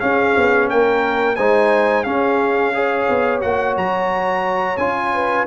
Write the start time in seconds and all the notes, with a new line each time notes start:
0.00 C#4 G#4 F5
0.37 B3
0.70 A#3 A#4 G5
1.36 G#3 D#4 C5 G#5
2.04 C#4 G#4 F5
2.74 G#4 C#5
3.09 B3
3.41 A#3 F#4 F#5
3.76 F#3 A#5
4.77 C#4 F4 G#5
5.13 B4